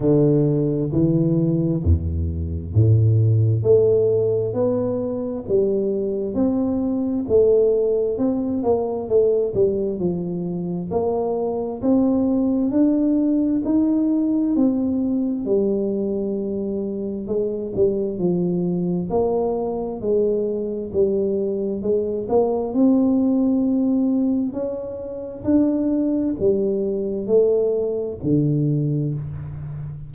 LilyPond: \new Staff \with { instrumentName = "tuba" } { \time 4/4 \tempo 4 = 66 d4 e4 e,4 a,4 | a4 b4 g4 c'4 | a4 c'8 ais8 a8 g8 f4 | ais4 c'4 d'4 dis'4 |
c'4 g2 gis8 g8 | f4 ais4 gis4 g4 | gis8 ais8 c'2 cis'4 | d'4 g4 a4 d4 | }